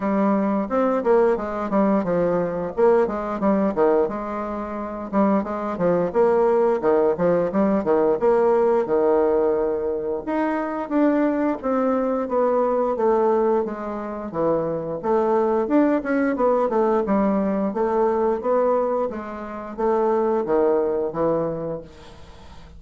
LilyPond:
\new Staff \with { instrumentName = "bassoon" } { \time 4/4 \tempo 4 = 88 g4 c'8 ais8 gis8 g8 f4 | ais8 gis8 g8 dis8 gis4. g8 | gis8 f8 ais4 dis8 f8 g8 dis8 | ais4 dis2 dis'4 |
d'4 c'4 b4 a4 | gis4 e4 a4 d'8 cis'8 | b8 a8 g4 a4 b4 | gis4 a4 dis4 e4 | }